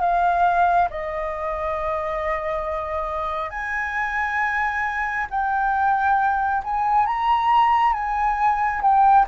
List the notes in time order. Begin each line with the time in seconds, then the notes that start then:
0.00 F5
0.90 D#5
3.50 G#5
5.30 G5
6.63 G#5
7.06 A#5
7.93 G#5
8.81 G5